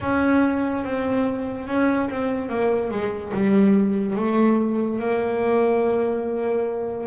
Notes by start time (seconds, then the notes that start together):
0.00 C#4
0.84 C4
1.67 C#4
2.09 C4
2.49 A#3
2.91 G#3
3.33 G3
4.15 A3
4.99 A#3